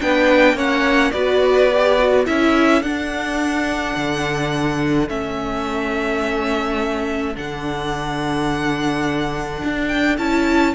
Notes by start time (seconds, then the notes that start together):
0.00 B3 D4 B4 G5
0.54 A#3 C#4 C#5 F#5
1.11 B3 F#4 B4 D5
1.72 G4
1.99 F#4
2.25 C#4 E4 A4 E5
2.82 D4 F#5
3.96 D3
5.08 A3 C#4 E5
7.35 D3 D4 F#5
9.64 D4
9.88 G5
10.18 C#4 E4 A5